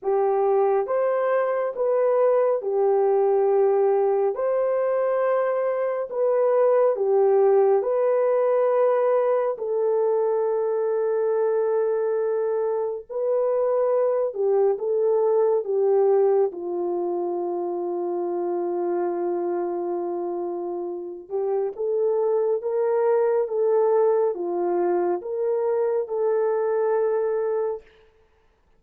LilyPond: \new Staff \with { instrumentName = "horn" } { \time 4/4 \tempo 4 = 69 g'4 c''4 b'4 g'4~ | g'4 c''2 b'4 | g'4 b'2 a'4~ | a'2. b'4~ |
b'8 g'8 a'4 g'4 f'4~ | f'1~ | f'8 g'8 a'4 ais'4 a'4 | f'4 ais'4 a'2 | }